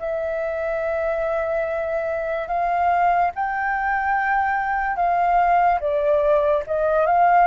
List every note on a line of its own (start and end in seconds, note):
0.00 2.48 E5
2.48 3.32 F5
3.35 4.97 G5
4.97 5.80 F5
5.81 6.64 D5
6.67 7.07 D#5
7.07 7.48 F5